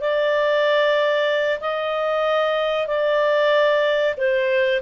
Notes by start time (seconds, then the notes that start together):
0.00 D5
1.60 D#5
2.87 D5
4.17 C5